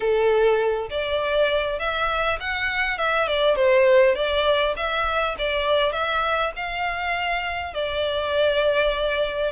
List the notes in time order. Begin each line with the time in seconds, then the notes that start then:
0.00 A4
0.90 D5
1.79 E5
2.40 F#5
2.98 E5
3.27 D5
3.55 C5
4.15 D5
4.76 E5
5.38 D5
5.92 E5
6.55 F5
7.74 D5